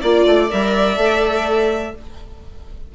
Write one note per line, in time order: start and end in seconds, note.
0.00 0.26 A#3
0.00 0.49 F4
0.00 1.92 D5
0.00 0.51 D5
0.26 0.50 A3
0.49 0.98 G3
0.49 0.96 A#4
0.49 1.95 E5
0.96 1.94 A3
0.96 1.92 A4